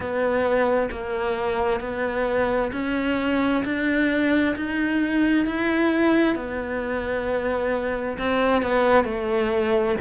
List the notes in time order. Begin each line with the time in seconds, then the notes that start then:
0.00 B3
0.91 A#3
1.80 B3
2.72 C#4
3.64 D4
4.55 D#4
5.45 E4
6.35 B3
8.18 C4
8.62 B3
9.04 A3